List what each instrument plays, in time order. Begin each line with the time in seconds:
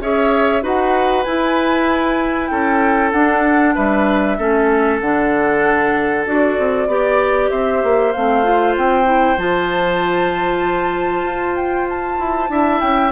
0.00 bassoon C#4, clarinet G#4, oboe C#5, flute E5
0.61 bassoon D#4, clarinet F#4, oboe B4, flute F#5
1.23 bassoon E4, clarinet E4, flute G#5
2.47 bassoon C#4, oboe A4, flute G5
3.12 bassoon D4, clarinet D4, flute F#5
3.75 bassoon G3, oboe B4, flute E5
4.38 bassoon A3, clarinet C#4, oboe A4
5.00 bassoon D3, clarinet D4, flute F#5
6.26 bassoon D4, clarinet F#4, flute D5
6.58 bassoon C4
6.87 bassoon B3, clarinet G4, oboe D5
7.50 bassoon C4, oboe C5, flute E5
7.83 bassoon A#3
8.11 bassoon A3, clarinet C4, flute F5
8.43 clarinet F4
8.77 bassoon C4, flute G5
9.05 clarinet E4
9.37 bassoon F3, clarinet F4, flute A5
11.23 bassoon F4
11.56 flute G5
11.89 flute A5
12.19 bassoon E4
12.49 bassoon D4, clarinet E4, oboe E5
12.80 bassoon C#4, flute G5